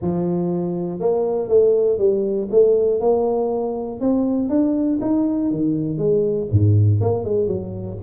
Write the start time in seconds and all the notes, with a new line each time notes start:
0.01 F3
0.99 A#3
1.48 A3
1.98 G3
2.50 A3
3.00 A#3
4.00 C4
4.49 D4
5.01 D#4
5.51 D#3
5.97 G#3
6.51 G#2
7.00 A#3
7.24 G#3
7.47 F#3